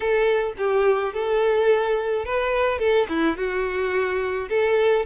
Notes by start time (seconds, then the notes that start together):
0.00 A4
0.57 G4
1.13 A4
2.25 B4
2.78 A4
3.08 E4
3.36 F#4
4.49 A4